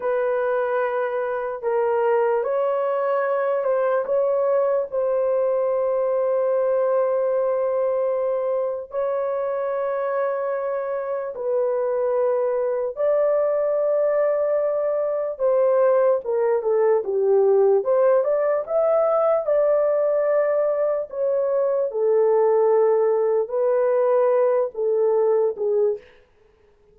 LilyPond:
\new Staff \with { instrumentName = "horn" } { \time 4/4 \tempo 4 = 74 b'2 ais'4 cis''4~ | cis''8 c''8 cis''4 c''2~ | c''2. cis''4~ | cis''2 b'2 |
d''2. c''4 | ais'8 a'8 g'4 c''8 d''8 e''4 | d''2 cis''4 a'4~ | a'4 b'4. a'4 gis'8 | }